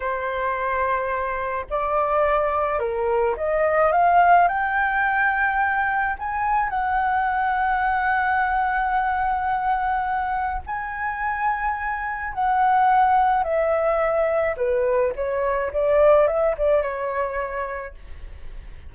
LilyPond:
\new Staff \with { instrumentName = "flute" } { \time 4/4 \tempo 4 = 107 c''2. d''4~ | d''4 ais'4 dis''4 f''4 | g''2. gis''4 | fis''1~ |
fis''2. gis''4~ | gis''2 fis''2 | e''2 b'4 cis''4 | d''4 e''8 d''8 cis''2 | }